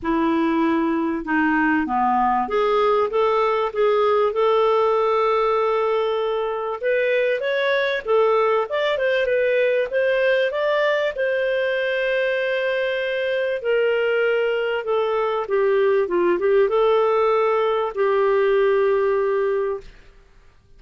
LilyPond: \new Staff \with { instrumentName = "clarinet" } { \time 4/4 \tempo 4 = 97 e'2 dis'4 b4 | gis'4 a'4 gis'4 a'4~ | a'2. b'4 | cis''4 a'4 d''8 c''8 b'4 |
c''4 d''4 c''2~ | c''2 ais'2 | a'4 g'4 f'8 g'8 a'4~ | a'4 g'2. | }